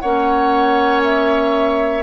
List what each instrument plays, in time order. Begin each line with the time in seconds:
0.00 bassoon A#3, clarinet C#4, oboe C#5, flute F#5
1.04 flute E5